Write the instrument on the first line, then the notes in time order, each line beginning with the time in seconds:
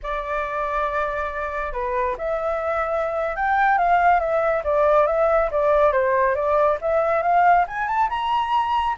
flute
0.02 D5
1.72 B4
2.17 E5
3.36 G5
3.78 F5
4.19 E5
4.64 D5
5.06 E5
5.51 D5
5.92 C5
6.35 D5
6.81 E5
7.22 F5
7.67 G#5
7.87 A5
8.09 A#5